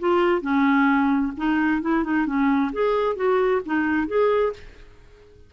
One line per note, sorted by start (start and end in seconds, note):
0.00 0.42 F4
0.42 1.33 C#4
1.38 1.82 D#4
1.82 2.04 E4
2.04 2.26 D#4
2.26 2.72 C#4
2.73 3.16 G#4
3.16 3.62 F#4
3.66 4.08 D#4
4.08 4.53 G#4